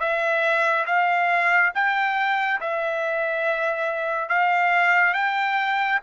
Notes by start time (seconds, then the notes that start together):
0.00 E5
0.87 F5
1.75 G5
2.61 E5
4.29 F5
5.14 G5